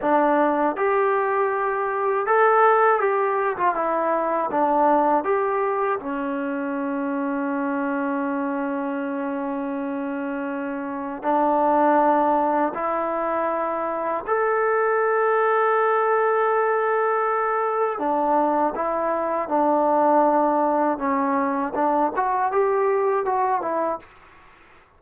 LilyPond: \new Staff \with { instrumentName = "trombone" } { \time 4/4 \tempo 4 = 80 d'4 g'2 a'4 | g'8. f'16 e'4 d'4 g'4 | cis'1~ | cis'2. d'4~ |
d'4 e'2 a'4~ | a'1 | d'4 e'4 d'2 | cis'4 d'8 fis'8 g'4 fis'8 e'8 | }